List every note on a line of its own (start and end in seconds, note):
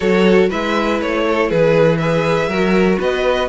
0.00 0.50 F#3
0.00 0.50 F#4
0.00 0.49 A4
0.00 0.49 C#5
0.49 1.01 G#3
0.49 2.00 E4
0.49 1.24 B4
0.49 1.00 E5
1.01 1.50 A3
1.01 1.50 C#5
1.27 1.48 A4
1.48 2.47 E3
1.48 1.98 G#4
1.48 1.97 B4
1.97 2.51 G#4
1.97 2.49 B4
1.97 2.97 E5
2.47 2.97 F#3
2.47 3.49 F#4
2.47 2.98 A#4
2.98 3.49 B3
2.98 3.48 B4
2.98 3.49 D#5